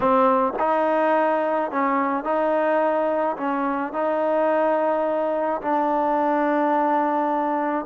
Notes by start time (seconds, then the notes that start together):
0.00 C4
0.59 D#4
1.71 C#4
2.24 D#4
3.36 C#4
3.93 D#4
5.61 D4